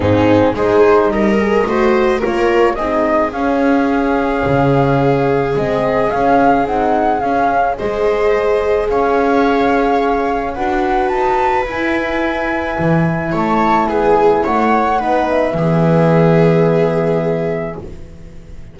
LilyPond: <<
  \new Staff \with { instrumentName = "flute" } { \time 4/4 \tempo 4 = 108 gis'4 c''4 dis''2 | cis''4 dis''4 f''2~ | f''2 dis''4 f''4 | fis''4 f''4 dis''2 |
f''2. fis''4 | a''4 gis''2. | a''4 gis''4 fis''4. e''8~ | e''1 | }
  \new Staff \with { instrumentName = "viola" } { \time 4/4 dis'4 gis'4 ais'4 c''4 | ais'4 gis'2.~ | gis'1~ | gis'2 c''2 |
cis''2. b'4~ | b'1 | cis''4 gis'4 cis''4 b'4 | gis'1 | }
  \new Staff \with { instrumentName = "horn" } { \time 4/4 c'4 dis'4. gis'8 fis'4 | f'4 dis'4 cis'2~ | cis'2 c'4 cis'4 | dis'4 cis'4 gis'2~ |
gis'2. fis'4~ | fis'4 e'2.~ | e'2. dis'4 | b1 | }
  \new Staff \with { instrumentName = "double bass" } { \time 4/4 gis,4 gis4 g4 a4 | ais4 c'4 cis'2 | cis2 gis4 cis'4 | c'4 cis'4 gis2 |
cis'2. d'4 | dis'4 e'2 e4 | a4 b4 a4 b4 | e1 | }
>>